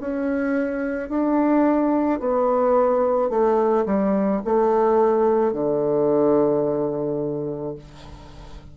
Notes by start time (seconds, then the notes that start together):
0.00 C#4
1.09 D4
2.20 B3
3.29 A3
3.85 G3
4.45 A3
5.53 D3